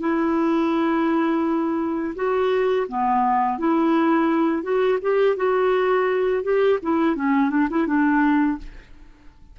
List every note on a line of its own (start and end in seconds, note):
0.00 2.14 E4
2.15 2.87 F#4
2.88 3.58 B3
3.58 4.63 E4
4.63 4.98 F#4
5.02 5.36 G4
5.36 6.43 F#4
6.43 6.79 G4
6.82 7.15 E4
7.15 7.50 C#4
7.50 7.68 D4
7.70 7.87 E4
7.87 8.58 D4